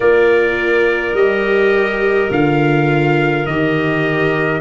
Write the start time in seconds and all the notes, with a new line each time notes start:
0.00 A#3 F4 A#4 D5
1.13 G3 G4 D#5
2.30 D3 F4 F5
3.45 D#3 G4 D#5